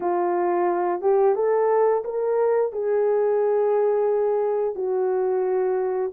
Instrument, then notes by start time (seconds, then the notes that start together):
horn
0.00 F4
1.01 G4
1.35 A4
2.04 A#4
2.72 G#4
4.75 F#4